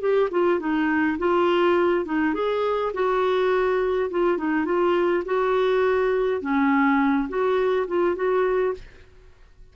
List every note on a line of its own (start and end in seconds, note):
0.00 0.29 G4
0.31 0.59 F4
0.59 1.18 D#4
1.18 2.05 F4
2.05 2.34 D#4
2.34 2.92 G#4
2.93 4.10 F#4
4.10 4.37 F4
4.37 4.65 D#4
4.65 5.23 F4
5.25 6.41 F#4
6.41 7.28 C#4
7.28 7.87 F#4
7.87 8.16 F4
8.16 8.74 F#4